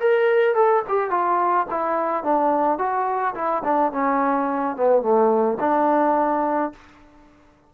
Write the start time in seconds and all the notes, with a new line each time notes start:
0.00 A#4
0.55 A4
0.88 G4
1.11 F4
1.71 E4
2.24 D4
2.79 F#4
3.35 E4
3.64 D4
3.92 C#4
4.76 B3
5.02 A3
5.60 D4